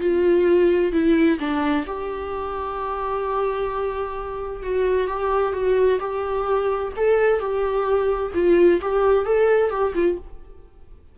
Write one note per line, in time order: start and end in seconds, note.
0.00 0.92 F4
0.92 1.38 E4
1.39 1.85 D4
1.86 4.63 G4
4.63 5.07 F#4
5.07 5.53 G4
5.53 5.99 F#4
6.00 6.92 G4
6.97 7.40 A4
7.40 8.32 G4
8.34 8.80 F4
8.81 9.25 G4
9.25 9.70 A4
9.70 9.93 G4
9.95 10.18 F4